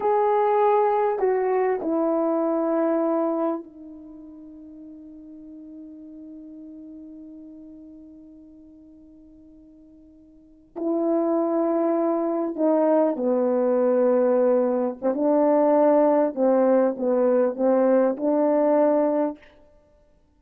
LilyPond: \new Staff \with { instrumentName = "horn" } { \time 4/4 \tempo 4 = 99 gis'2 fis'4 e'4~ | e'2 dis'2~ | dis'1~ | dis'1~ |
dis'4.~ dis'16 e'2~ e'16~ | e'8. dis'4 b2~ b16~ | b8. c'16 d'2 c'4 | b4 c'4 d'2 | }